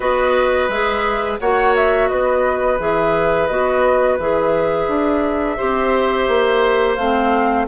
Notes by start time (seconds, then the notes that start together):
0.00 B3 F#4 B4 D#5
0.68 G#3 G#4 E5
1.40 A#3 F#4 C#5 F#5
1.75 E5
2.08 B3 B4 D#5
2.78 E3 G#4 E5
3.47 B3 F#4 D#5
4.19 E3 G#4 E5
4.87 D4
5.57 C4 G4 C5
6.28 A#3
6.95 A3 C4 F5